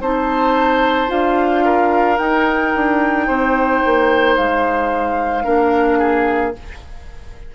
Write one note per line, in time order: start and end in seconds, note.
0.00 1.09 C4
0.00 1.07 D#4
0.00 1.64 C5
0.00 1.10 A5
1.07 2.19 D4
1.07 2.17 F4
1.07 2.17 F5
1.65 3.27 A#4
2.17 5.44 D#4
2.17 2.73 D#4
2.17 4.36 G5
2.75 3.28 D4
3.27 3.83 C4
3.27 5.44 C5
3.85 4.38 A#3
4.36 5.46 G#3
4.36 6.55 F5
5.44 6.55 A#3
5.44 6.53 D4
5.44 5.98 A#4
5.98 6.53 G#4